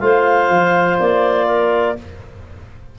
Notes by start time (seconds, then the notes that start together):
0.00 A3 F4 C5 F5
0.50 F3
0.99 A#3 D5
1.46 A#4